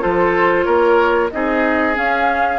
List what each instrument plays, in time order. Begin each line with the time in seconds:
0.00 bassoon F3, clarinet F4, oboe A4, flute C5
0.64 bassoon A#3, oboe A#4, flute C#5
1.31 bassoon C4, clarinet D#4, oboe G#4, flute D#5
1.94 clarinet C#4, bassoon C#4, flute F5